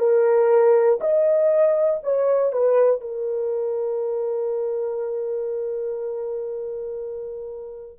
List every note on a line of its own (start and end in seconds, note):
0.00 1.00 A#4
1.01 2.01 D#5
2.04 2.53 C#5
2.53 3.01 B4
3.01 8.00 A#4